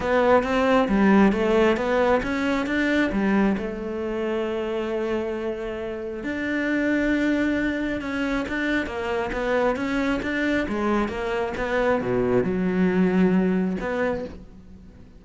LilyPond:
\new Staff \with { instrumentName = "cello" } { \time 4/4 \tempo 4 = 135 b4 c'4 g4 a4 | b4 cis'4 d'4 g4 | a1~ | a2 d'2~ |
d'2 cis'4 d'4 | ais4 b4 cis'4 d'4 | gis4 ais4 b4 b,4 | fis2. b4 | }